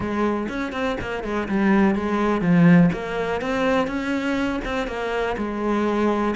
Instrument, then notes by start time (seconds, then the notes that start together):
cello
0.00 G#3
0.48 C#4
0.72 C4
1.00 A#3
1.23 G#3
1.48 G3
1.95 G#3
2.41 F3
2.92 A#3
3.41 C4
3.87 C#4
4.65 C4
4.87 A#3
5.37 G#3